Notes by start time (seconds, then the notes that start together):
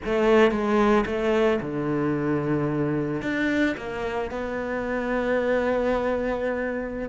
0.05 A3
0.51 G#3
1.06 A3
1.61 D3
3.22 D4
3.77 A#3
4.31 B3